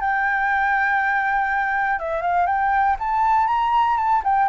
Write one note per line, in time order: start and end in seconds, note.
0.00 1.99 G5
1.99 2.21 E5
2.21 2.46 F5
2.46 2.96 G5
2.99 3.47 A5
3.47 3.97 A#5
3.97 4.22 A5
4.23 4.48 G5